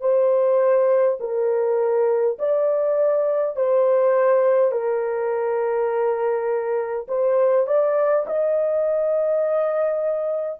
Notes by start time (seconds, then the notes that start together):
0.00 C5
1.20 A#4
2.39 D5
3.56 C5
4.72 A#4
7.08 C5
7.67 D5
8.27 D#5